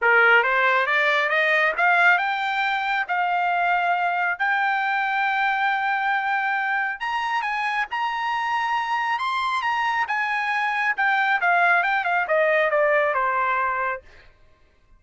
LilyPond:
\new Staff \with { instrumentName = "trumpet" } { \time 4/4 \tempo 4 = 137 ais'4 c''4 d''4 dis''4 | f''4 g''2 f''4~ | f''2 g''2~ | g''1 |
ais''4 gis''4 ais''2~ | ais''4 c'''4 ais''4 gis''4~ | gis''4 g''4 f''4 g''8 f''8 | dis''4 d''4 c''2 | }